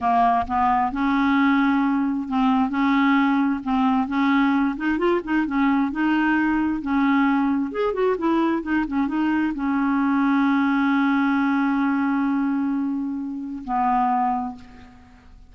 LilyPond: \new Staff \with { instrumentName = "clarinet" } { \time 4/4 \tempo 4 = 132 ais4 b4 cis'2~ | cis'4 c'4 cis'2 | c'4 cis'4. dis'8 f'8 dis'8 | cis'4 dis'2 cis'4~ |
cis'4 gis'8 fis'8 e'4 dis'8 cis'8 | dis'4 cis'2.~ | cis'1~ | cis'2 b2 | }